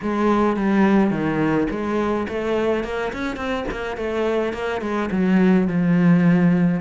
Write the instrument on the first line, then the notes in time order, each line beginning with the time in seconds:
cello
0.02 G#3
0.56 G3
1.10 D#3
1.70 G#3
2.28 A3
2.84 A#3
3.13 C#4
3.36 C4
3.71 A#3
3.96 A3
4.53 A#3
4.81 G#3
5.11 F#3
5.67 F3